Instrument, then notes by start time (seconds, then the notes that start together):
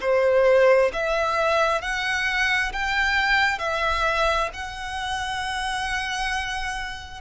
violin
0.00 C5
0.93 E5
1.81 F#5
2.72 G5
3.58 E5
4.53 F#5